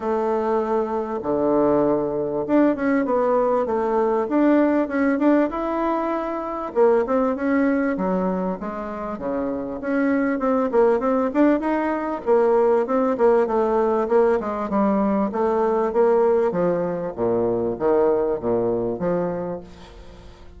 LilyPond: \new Staff \with { instrumentName = "bassoon" } { \time 4/4 \tempo 4 = 98 a2 d2 | d'8 cis'8 b4 a4 d'4 | cis'8 d'8 e'2 ais8 c'8 | cis'4 fis4 gis4 cis4 |
cis'4 c'8 ais8 c'8 d'8 dis'4 | ais4 c'8 ais8 a4 ais8 gis8 | g4 a4 ais4 f4 | ais,4 dis4 ais,4 f4 | }